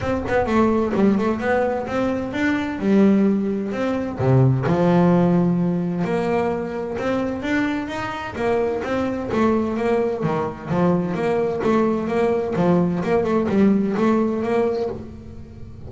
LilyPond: \new Staff \with { instrumentName = "double bass" } { \time 4/4 \tempo 4 = 129 c'8 b8 a4 g8 a8 b4 | c'4 d'4 g2 | c'4 c4 f2~ | f4 ais2 c'4 |
d'4 dis'4 ais4 c'4 | a4 ais4 dis4 f4 | ais4 a4 ais4 f4 | ais8 a8 g4 a4 ais4 | }